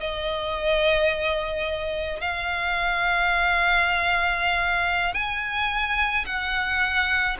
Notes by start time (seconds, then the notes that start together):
0.00 D#5
2.21 F5
5.14 G#5
6.26 F#5